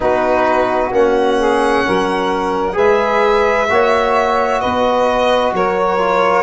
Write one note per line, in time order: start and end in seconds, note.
0.00 0.91 B3
0.00 0.91 D#4
0.00 1.39 F#4
0.00 0.93 B4
0.91 1.83 A#3
0.91 2.72 C#4
0.91 2.77 F#5
1.39 1.85 G#4
1.86 2.77 F#3
1.86 2.75 A#4
2.72 3.69 G#3
2.72 3.65 G#4
2.72 3.67 B4
2.72 4.61 E5
3.69 4.62 A#3
3.69 5.98 F#4
3.69 4.60 C#5
4.60 5.52 B3
4.60 5.52 B4
4.60 5.53 D#5
5.52 6.43 F#3
5.52 6.43 A#4
5.52 6.43 C#5
5.98 6.43 F4